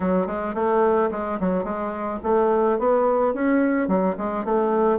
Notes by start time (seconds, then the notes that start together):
0.00 F#3
0.26 G#3
0.54 A3
1.11 G#3
1.40 F#3
1.64 G#3
2.23 A3
2.79 B3
3.34 C#4
3.88 F#3
4.17 G#3
4.44 A3